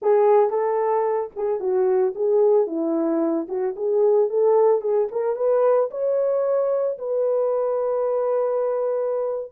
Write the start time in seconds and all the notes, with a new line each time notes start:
0.02 G#4
0.50 A4
1.36 G#4
1.60 F#4
2.15 G#4
2.66 E4
3.48 F#4
3.76 G#4
4.29 A4
4.81 G#4
5.11 A#4
5.36 B4
5.90 C#5
6.98 B4